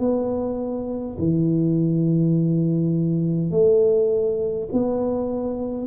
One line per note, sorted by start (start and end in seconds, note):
0.00 1.18 B3
1.19 3.51 E3
3.51 4.69 A3
4.73 5.88 B3